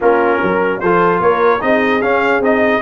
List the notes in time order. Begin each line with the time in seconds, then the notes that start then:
0.00 A#3 C#4 F4 A#4
0.37 F#3 A#4
0.80 F3 F4 A4 C5
1.20 A#3 A#4 C#5
1.60 C4 D#4 G#4 D#5
2.01 C#4 F5
2.39 C4 D#4 D#5